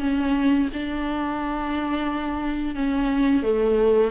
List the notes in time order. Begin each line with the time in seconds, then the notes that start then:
0.00 C#4
0.73 D4
2.75 C#4
3.43 A3